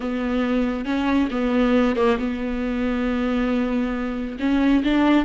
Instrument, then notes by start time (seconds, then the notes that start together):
viola
0.00 B3
0.85 C#4
1.30 B3
1.95 A#3
2.19 B3
4.39 C#4
4.84 D4